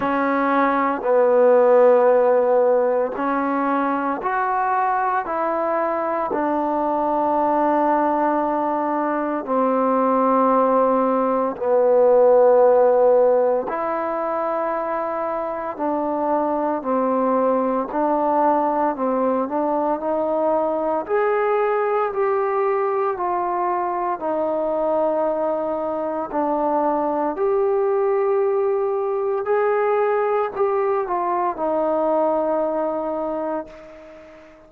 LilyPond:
\new Staff \with { instrumentName = "trombone" } { \time 4/4 \tempo 4 = 57 cis'4 b2 cis'4 | fis'4 e'4 d'2~ | d'4 c'2 b4~ | b4 e'2 d'4 |
c'4 d'4 c'8 d'8 dis'4 | gis'4 g'4 f'4 dis'4~ | dis'4 d'4 g'2 | gis'4 g'8 f'8 dis'2 | }